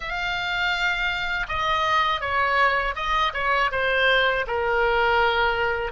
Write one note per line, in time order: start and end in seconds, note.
0.00 1.46 F5
1.48 2.21 D#5
2.21 2.95 C#5
2.95 3.32 D#5
3.33 3.70 C#5
3.71 4.45 C5
4.46 5.92 A#4